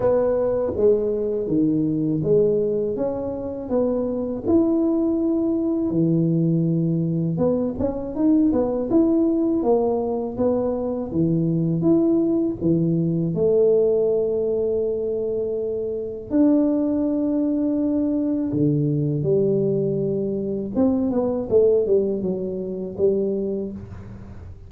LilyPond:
\new Staff \with { instrumentName = "tuba" } { \time 4/4 \tempo 4 = 81 b4 gis4 dis4 gis4 | cis'4 b4 e'2 | e2 b8 cis'8 dis'8 b8 | e'4 ais4 b4 e4 |
e'4 e4 a2~ | a2 d'2~ | d'4 d4 g2 | c'8 b8 a8 g8 fis4 g4 | }